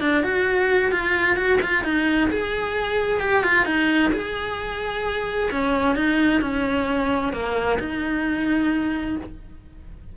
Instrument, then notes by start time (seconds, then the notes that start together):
cello
0.00 D4
0.23 F#4
0.91 F4
1.36 F#4
1.61 F4
1.84 D#4
2.30 G#4
3.20 G4
3.43 F4
3.65 D#4
4.12 G#4
5.51 C#4
5.95 D#4
6.41 C#4
7.32 A#3
7.79 D#4